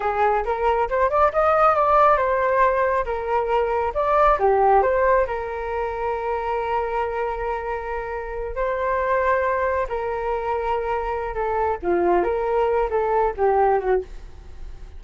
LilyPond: \new Staff \with { instrumentName = "flute" } { \time 4/4 \tempo 4 = 137 gis'4 ais'4 c''8 d''8 dis''4 | d''4 c''2 ais'4~ | ais'4 d''4 g'4 c''4 | ais'1~ |
ais'2.~ ais'8 c''8~ | c''2~ c''8 ais'4.~ | ais'2 a'4 f'4 | ais'4. a'4 g'4 fis'8 | }